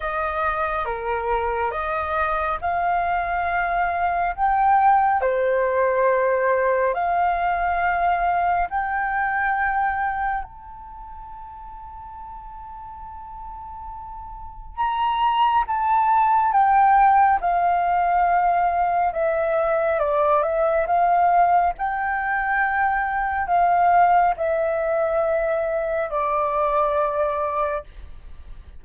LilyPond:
\new Staff \with { instrumentName = "flute" } { \time 4/4 \tempo 4 = 69 dis''4 ais'4 dis''4 f''4~ | f''4 g''4 c''2 | f''2 g''2 | a''1~ |
a''4 ais''4 a''4 g''4 | f''2 e''4 d''8 e''8 | f''4 g''2 f''4 | e''2 d''2 | }